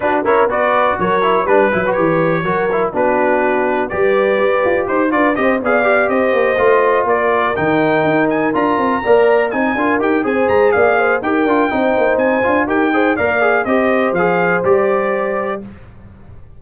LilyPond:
<<
  \new Staff \with { instrumentName = "trumpet" } { \time 4/4 \tempo 4 = 123 b'8 cis''8 d''4 cis''4 b'4 | cis''2 b'2 | d''2 c''8 d''8 dis''8 f''8~ | f''8 dis''2 d''4 g''8~ |
g''4 gis''8 ais''2 gis''8~ | gis''8 g''8 gis''8 ais''8 f''4 g''4~ | g''4 gis''4 g''4 f''4 | dis''4 f''4 d''2 | }
  \new Staff \with { instrumentName = "horn" } { \time 4/4 fis'8 ais'8 b'4 ais'4 b'4~ | b'4 ais'4 fis'2 | b'2 c''8 b'8 c''8 d''8~ | d''8 c''2 ais'4.~ |
ais'2~ ais'8 d''4 dis''8 | ais'4 c''4 d''8 c''8 ais'4 | c''2 ais'8 c''8 d''4 | c''1 | }
  \new Staff \with { instrumentName = "trombone" } { \time 4/4 d'8 e'8 fis'4. e'8 d'8 e'16 fis'16 | g'4 fis'8 e'8 d'2 | g'2~ g'8 f'8 g'8 gis'8 | g'4. f'2 dis'8~ |
dis'4. f'4 ais'4 dis'8 | f'8 g'8 gis'2 g'8 f'8 | dis'4. f'8 g'8 gis'8 ais'8 gis'8 | g'4 gis'4 g'2 | }
  \new Staff \with { instrumentName = "tuba" } { \time 4/4 d'8 cis'8 b4 fis4 g8 fis8 | e4 fis4 b2 | g4 g'8 f'8 dis'8 d'8 c'8 b8~ | b8 c'8 ais8 a4 ais4 dis8~ |
dis8 dis'4 d'8 c'8 ais4 c'8 | d'8 dis'8 c'8 gis8 ais4 dis'8 d'8 | c'8 ais8 c'8 d'8 dis'4 ais4 | c'4 f4 g2 | }
>>